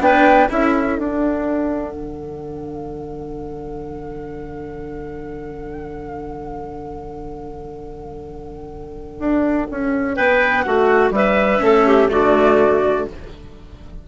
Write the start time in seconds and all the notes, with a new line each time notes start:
0.00 B3 D4 B4 G5
0.50 C#4 E4 A4 E5
0.98 D4 F#5
1.94 D3
9.19 D4
9.71 C#4
10.16 B3 B4 G5
10.62 A3 F#4 F#5
11.11 G3 B4 E5
11.61 A3 C#4 A4
11.87 G4
12.09 D3 A3 F#4 D5